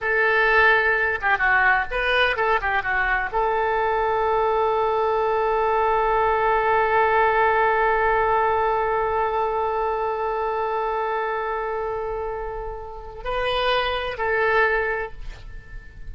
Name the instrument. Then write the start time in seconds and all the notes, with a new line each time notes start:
oboe
0.01 A4
1.21 G4
1.38 F#4
1.90 B4
2.36 A4
2.61 G4
2.82 F#4
3.32 A4
13.24 B4
14.17 A4